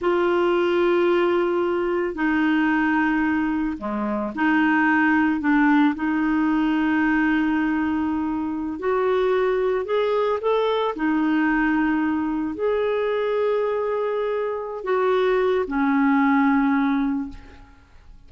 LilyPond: \new Staff \with { instrumentName = "clarinet" } { \time 4/4 \tempo 4 = 111 f'1 | dis'2. gis4 | dis'2 d'4 dis'4~ | dis'1~ |
dis'16 fis'2 gis'4 a'8.~ | a'16 dis'2. gis'8.~ | gis'2.~ gis'8 fis'8~ | fis'4 cis'2. | }